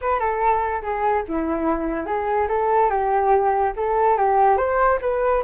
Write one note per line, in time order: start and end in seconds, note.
0.01 0.19 B4
0.19 0.82 A4
0.82 1.23 G#4
1.27 2.06 E4
2.06 2.47 G#4
2.48 2.89 A4
2.89 3.73 G4
3.76 4.17 A4
4.17 4.57 G4
4.57 4.99 C5
5.01 5.43 B4